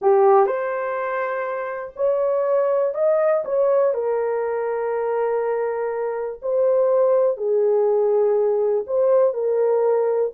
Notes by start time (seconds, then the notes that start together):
0.01 G4
0.46 C5
1.95 C#5
2.94 D#5
3.44 C#5
3.93 A#4
6.42 C5
7.37 G#4
8.86 C5
9.33 A#4